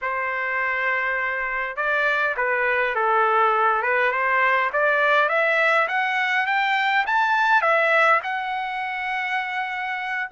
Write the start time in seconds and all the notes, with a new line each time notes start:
0.01 C5
1.76 D5
2.36 B4
2.95 A4
3.82 B4
4.11 C5
4.72 D5
5.28 E5
5.88 F#5
6.46 G5
7.06 A5
7.61 E5
8.23 F#5